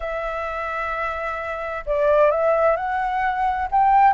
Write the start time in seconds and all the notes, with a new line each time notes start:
0.00 E5
1.86 D5
2.30 E5
2.76 F#5
3.71 G5